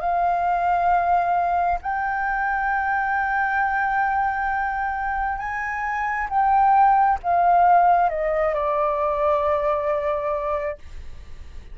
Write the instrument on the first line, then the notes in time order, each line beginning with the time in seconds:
flute
0.00 F5
1.82 G5
5.38 G#5
6.29 G5
7.23 F5
8.09 D#5
8.54 D5